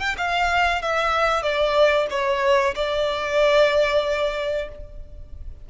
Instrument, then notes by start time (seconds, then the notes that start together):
violin
0.00 G5
0.18 F5
0.82 E5
1.43 D5
2.10 C#5
2.75 D5